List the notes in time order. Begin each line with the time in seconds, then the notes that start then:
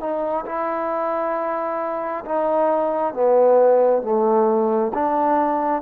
0.00 D#4
0.45 E4
2.25 D#4
3.13 B3
4.02 A3
4.94 D4